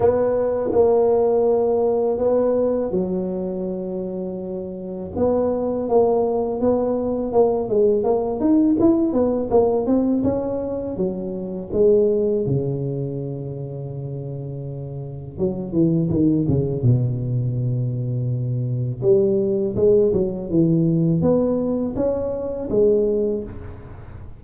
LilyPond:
\new Staff \with { instrumentName = "tuba" } { \time 4/4 \tempo 4 = 82 b4 ais2 b4 | fis2. b4 | ais4 b4 ais8 gis8 ais8 dis'8 | e'8 b8 ais8 c'8 cis'4 fis4 |
gis4 cis2.~ | cis4 fis8 e8 dis8 cis8 b,4~ | b,2 g4 gis8 fis8 | e4 b4 cis'4 gis4 | }